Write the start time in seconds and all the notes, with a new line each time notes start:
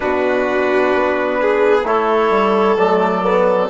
0.00 B2 D4 F#4 B4
0.94 B3
1.41 G#4
1.83 A3 E4 A4 C#5
2.30 G3
2.77 F#3 A3 D5
3.23 B3